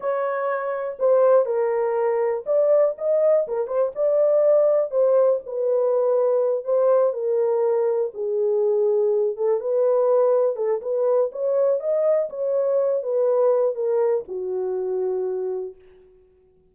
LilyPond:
\new Staff \with { instrumentName = "horn" } { \time 4/4 \tempo 4 = 122 cis''2 c''4 ais'4~ | ais'4 d''4 dis''4 ais'8 c''8 | d''2 c''4 b'4~ | b'4. c''4 ais'4.~ |
ais'8 gis'2~ gis'8 a'8 b'8~ | b'4. a'8 b'4 cis''4 | dis''4 cis''4. b'4. | ais'4 fis'2. | }